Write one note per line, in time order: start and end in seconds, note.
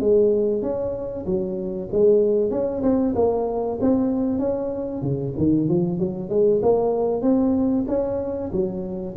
0.00 0.62 G#3
0.62 1.25 C#4
1.26 1.89 F#3
1.92 2.50 G#3
2.50 2.82 C#4
2.82 3.14 C4
3.16 3.79 A#3
3.81 4.39 C4
4.39 5.02 C#4
5.02 5.33 C#3
5.37 5.68 D#3
5.68 5.99 F3
5.99 6.29 F#3
6.29 6.61 G#3
6.62 7.22 A#3
7.22 7.85 C4
7.88 8.51 C#4
8.52 9.15 F#3